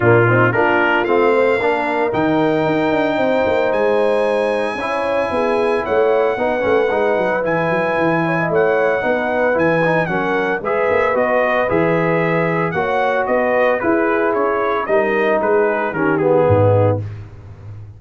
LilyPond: <<
  \new Staff \with { instrumentName = "trumpet" } { \time 4/4 \tempo 4 = 113 f'4 ais'4 f''2 | g''2. gis''4~ | gis''2. fis''4~ | fis''2 gis''2 |
fis''2 gis''4 fis''4 | e''4 dis''4 e''2 | fis''4 dis''4 b'4 cis''4 | dis''4 b'4 ais'8 gis'4. | }
  \new Staff \with { instrumentName = "horn" } { \time 4/4 d'8 dis'8 f'4. c''8 ais'4~ | ais'2 c''2~ | c''4 cis''4 gis'4 cis''4 | b'2.~ b'8 cis''16 dis''16 |
cis''4 b'2 ais'4 | b'1 | cis''4 b'4 gis'2 | ais'4 gis'4 g'4 dis'4 | }
  \new Staff \with { instrumentName = "trombone" } { \time 4/4 ais8 c'8 d'4 c'4 d'4 | dis'1~ | dis'4 e'2. | dis'8 cis'8 dis'4 e'2~ |
e'4 dis'4 e'8 dis'8 cis'4 | gis'4 fis'4 gis'2 | fis'2 e'2 | dis'2 cis'8 b4. | }
  \new Staff \with { instrumentName = "tuba" } { \time 4/4 ais,4 ais4 a4 ais4 | dis4 dis'8 d'8 c'8 ais8 gis4~ | gis4 cis'4 b4 a4 | b8 a8 gis8 fis8 e8 fis8 e4 |
a4 b4 e4 fis4 | gis8 ais8 b4 e2 | ais4 b4 e'4 cis'4 | g4 gis4 dis4 gis,4 | }
>>